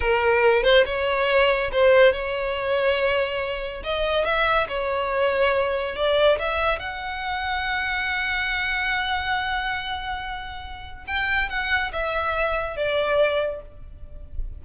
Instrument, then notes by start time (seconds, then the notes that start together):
violin
0.00 A#4
0.63 C5
0.85 C#5
1.72 C5
2.12 C#5
3.83 D#5
4.24 E5
4.68 C#5
5.95 D5
6.38 E5
6.79 F#5
11.07 G5
11.49 F#5
11.92 E5
12.76 D5